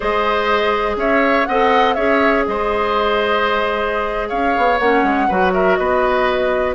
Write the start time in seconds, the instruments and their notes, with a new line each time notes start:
0.00 bassoon G#3, clarinet G#4, oboe C5, flute D#5
0.96 bassoon C#4, oboe C#5, flute E5
1.45 bassoon C4, clarinet A4, oboe D#5, flute F#5
1.93 bassoon C#4, clarinet G#4, oboe C#5, flute E5
2.46 bassoon G#3, oboe C5, flute D#5
4.28 bassoon C#4, oboe C#5, flute F5
4.57 bassoon B3
4.78 bassoon A#3, clarinet C#4, flute F#5
5.03 bassoon G#3
5.28 bassoon F#3, clarinet F#4, oboe B4
5.53 oboe A#4, flute E5
5.75 bassoon B3, oboe B4, flute D#5